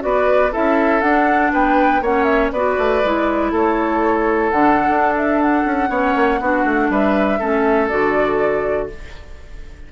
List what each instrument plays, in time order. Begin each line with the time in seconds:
0.00 bassoon B3, clarinet F#4, oboe B4, flute D5
0.52 bassoon C#4, clarinet E4, oboe A4, flute E5
1.01 bassoon D4, clarinet D4, flute F#5
1.53 bassoon B3, oboe B4, flute G5
2.01 bassoon A#3, clarinet C#4, oboe C#5, flute F#5
2.24 flute E5
2.52 bassoon B3, clarinet F#4, oboe B4, flute D5
2.78 bassoon A3
3.04 bassoon G#3, clarinet E4
3.52 bassoon A3, oboe A4, flute C#5
4.51 bassoon D3, clarinet D4, flute F#5
4.90 bassoon D4
5.17 flute E5
5.42 flute F#5
5.66 bassoon C#4
5.90 bassoon B3, clarinet C#4, oboe C#5
6.16 bassoon A#3
6.41 bassoon B3, clarinet D4, oboe F#4
6.65 bassoon A3
6.90 bassoon G3, oboe B4, flute E5
7.39 bassoon A3, clarinet C#4, oboe A4
7.88 bassoon D3, clarinet F#4, flute D5